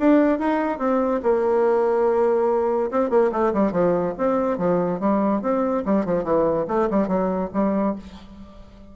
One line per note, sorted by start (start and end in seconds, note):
0.00 0.39 D4
0.39 0.79 D#4
0.79 1.21 C4
1.23 2.91 A#3
2.92 3.10 C4
3.10 3.31 A#3
3.32 3.53 A3
3.54 3.72 G3
3.72 4.14 F3
4.18 4.58 C4
4.58 5.00 F3
5.00 5.42 G3
5.42 5.84 C4
5.86 6.06 G3
6.06 6.24 F3
6.24 6.66 E3
6.68 6.89 A3
6.91 7.08 G3
7.08 7.50 F#3
7.54 7.96 G3